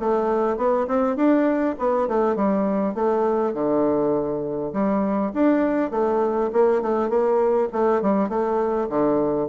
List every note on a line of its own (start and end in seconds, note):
0.00 0.57 A3
0.57 0.87 B3
0.88 1.16 C4
1.16 1.76 D4
1.79 2.08 B3
2.08 2.36 A3
2.36 2.95 G3
2.95 3.54 A3
3.54 4.73 D3
4.73 5.32 G3
5.34 5.91 D4
5.91 6.51 A3
6.53 6.82 A#3
6.82 7.10 A3
7.10 7.69 A#3
7.73 8.02 A3
8.02 8.29 G3
8.29 8.89 A3
8.90 9.49 D3